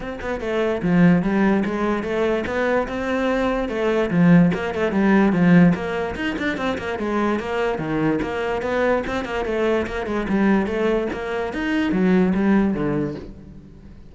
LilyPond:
\new Staff \with { instrumentName = "cello" } { \time 4/4 \tempo 4 = 146 c'8 b8 a4 f4 g4 | gis4 a4 b4 c'4~ | c'4 a4 f4 ais8 a8 | g4 f4 ais4 dis'8 d'8 |
c'8 ais8 gis4 ais4 dis4 | ais4 b4 c'8 ais8 a4 | ais8 gis8 g4 a4 ais4 | dis'4 fis4 g4 d4 | }